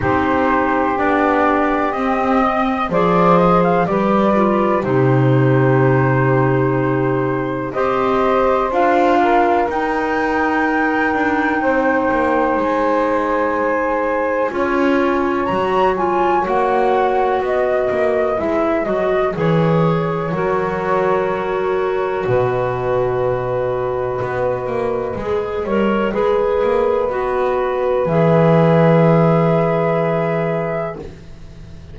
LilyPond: <<
  \new Staff \with { instrumentName = "flute" } { \time 4/4 \tempo 4 = 62 c''4 d''4 dis''4 d''8 dis''16 f''16 | d''4 c''2. | dis''4 f''4 g''2~ | g''4 gis''2. |
ais''8 gis''8 fis''4 dis''4 e''8 dis''8 | cis''2. dis''4~ | dis''1~ | dis''4 e''2. | }
  \new Staff \with { instrumentName = "saxophone" } { \time 4/4 g'2~ g'8 dis''8 c''4 | b'4 g'2. | c''4. ais'2~ ais'8 | c''2. cis''4~ |
cis''2 b'2~ | b'4 ais'2 b'4~ | b'2~ b'8 cis''8 b'4~ | b'1 | }
  \new Staff \with { instrumentName = "clarinet" } { \time 4/4 dis'4 d'4 c'4 gis'4 | g'8 f'8 dis'2. | g'4 f'4 dis'2~ | dis'2. f'4 |
fis'8 f'8 fis'2 e'8 fis'8 | gis'4 fis'2.~ | fis'2 gis'8 ais'8 gis'4 | fis'4 gis'2. | }
  \new Staff \with { instrumentName = "double bass" } { \time 4/4 c'4 b4 c'4 f4 | g4 c2. | c'4 d'4 dis'4. d'8 | c'8 ais8 gis2 cis'4 |
fis4 ais4 b8 ais8 gis8 fis8 | e4 fis2 b,4~ | b,4 b8 ais8 gis8 g8 gis8 ais8 | b4 e2. | }
>>